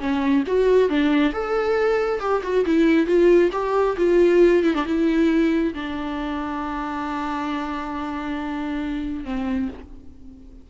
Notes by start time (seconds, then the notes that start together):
0.00 C#4
0.47 F#4
0.89 D4
1.33 A4
2.20 G4
2.43 F#4
2.66 E4
3.07 F4
3.53 G4
3.98 F4
4.64 E4
4.75 D4
4.86 E4
5.75 D4
9.25 C4